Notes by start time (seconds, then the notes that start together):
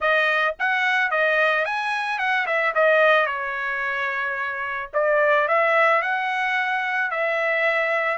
0.00 D#5
0.59 F#5
1.11 D#5
1.65 G#5
2.18 F#5
2.46 E5
2.74 D#5
3.26 C#5
4.93 D5
5.48 E5
6.01 F#5
7.10 E5